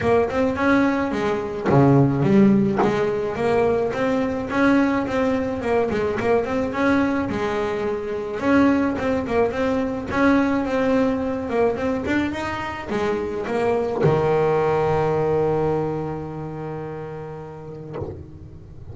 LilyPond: \new Staff \with { instrumentName = "double bass" } { \time 4/4 \tempo 4 = 107 ais8 c'8 cis'4 gis4 cis4 | g4 gis4 ais4 c'4 | cis'4 c'4 ais8 gis8 ais8 c'8 | cis'4 gis2 cis'4 |
c'8 ais8 c'4 cis'4 c'4~ | c'8 ais8 c'8 d'8 dis'4 gis4 | ais4 dis2.~ | dis1 | }